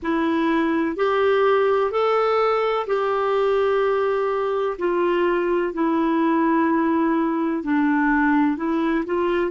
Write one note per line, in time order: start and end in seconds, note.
0.02 0.96 E4
0.96 1.90 G4
1.90 2.86 A4
2.87 4.77 G4
4.78 5.73 F4
5.73 7.63 E4
7.63 8.56 D4
8.56 9.04 E4
9.05 9.50 F4